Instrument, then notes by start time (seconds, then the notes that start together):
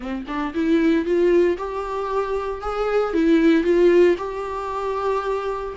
viola
0.00 C4
0.27 D4
0.54 E4
1.05 F4
1.57 G4
2.61 G#4
3.13 E4
3.63 F4
4.17 G4